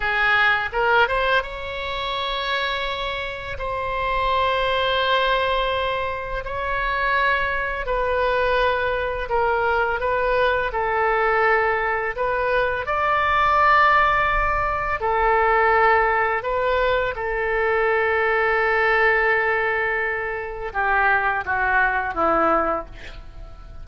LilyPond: \new Staff \with { instrumentName = "oboe" } { \time 4/4 \tempo 4 = 84 gis'4 ais'8 c''8 cis''2~ | cis''4 c''2.~ | c''4 cis''2 b'4~ | b'4 ais'4 b'4 a'4~ |
a'4 b'4 d''2~ | d''4 a'2 b'4 | a'1~ | a'4 g'4 fis'4 e'4 | }